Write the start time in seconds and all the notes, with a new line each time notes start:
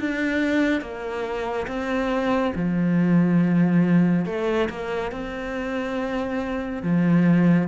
0.00 D4
0.82 A#3
1.68 C4
2.56 F3
4.26 A3
4.70 A#3
5.12 C4
6.83 F3